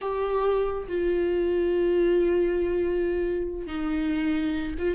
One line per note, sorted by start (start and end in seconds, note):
0.01 0.87 G4
0.88 3.66 F4
3.66 4.74 D#4
4.78 4.94 F4